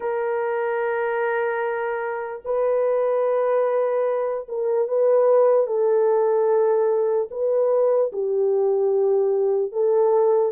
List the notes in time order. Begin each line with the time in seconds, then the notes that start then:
0.00 A#4
2.45 B4
4.48 A#4
4.88 B4
5.66 A4
7.30 B4
8.12 G4
9.71 A4